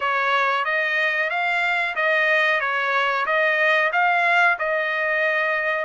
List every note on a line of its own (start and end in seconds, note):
0.00 0.64 C#5
0.64 1.30 D#5
1.30 1.95 F5
1.95 2.60 D#5
2.60 3.25 C#5
3.25 3.91 D#5
3.92 4.57 F5
4.59 5.85 D#5